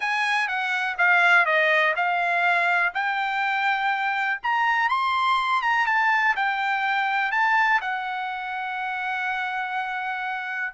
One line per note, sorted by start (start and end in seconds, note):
0.00 0.48 G#5
0.48 0.96 F#5
0.98 1.45 F5
1.45 1.94 D#5
1.95 2.93 F5
2.94 4.40 G5
4.43 4.88 A#5
4.88 5.62 C6
5.62 5.86 A#5
5.86 6.35 A5
6.36 7.31 G5
7.31 7.80 A5
7.81 10.74 F#5